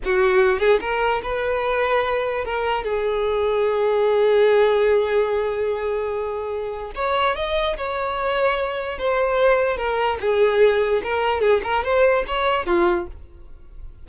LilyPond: \new Staff \with { instrumentName = "violin" } { \time 4/4 \tempo 4 = 147 fis'4. gis'8 ais'4 b'4~ | b'2 ais'4 gis'4~ | gis'1~ | gis'1~ |
gis'4 cis''4 dis''4 cis''4~ | cis''2 c''2 | ais'4 gis'2 ais'4 | gis'8 ais'8 c''4 cis''4 f'4 | }